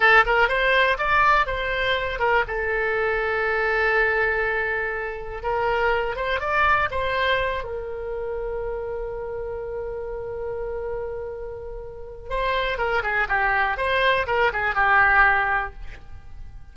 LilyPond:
\new Staff \with { instrumentName = "oboe" } { \time 4/4 \tempo 4 = 122 a'8 ais'8 c''4 d''4 c''4~ | c''8 ais'8 a'2.~ | a'2. ais'4~ | ais'8 c''8 d''4 c''4. ais'8~ |
ais'1~ | ais'1~ | ais'4 c''4 ais'8 gis'8 g'4 | c''4 ais'8 gis'8 g'2 | }